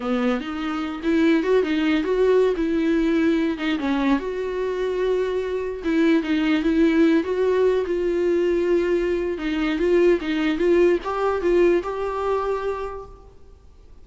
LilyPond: \new Staff \with { instrumentName = "viola" } { \time 4/4 \tempo 4 = 147 b4 dis'4. e'4 fis'8 | dis'4 fis'4~ fis'16 e'4.~ e'16~ | e'8. dis'8 cis'4 fis'4.~ fis'16~ | fis'2~ fis'16 e'4 dis'8.~ |
dis'16 e'4. fis'4. f'8.~ | f'2. dis'4 | f'4 dis'4 f'4 g'4 | f'4 g'2. | }